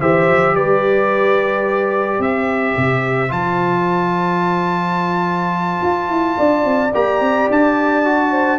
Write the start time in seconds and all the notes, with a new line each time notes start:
0.00 E3 G4 C5 E5
0.29 F3
0.55 G3 B4 D5
2.19 C4 C5 E5
2.77 C3
3.29 F3 F4 A5
5.83 F4
6.09 E4
6.38 D4 D5
6.65 C4
6.94 A#3 G4 A#5
7.21 C4
7.50 D4 A5
8.05 F#4
8.31 C5